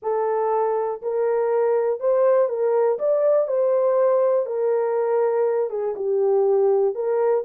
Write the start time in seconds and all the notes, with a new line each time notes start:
0.02 A4
1.02 A#4
2.00 C5
2.48 A#4
2.98 D5
3.47 C5
4.45 A#4
5.70 G#4
5.95 G4
6.94 A#4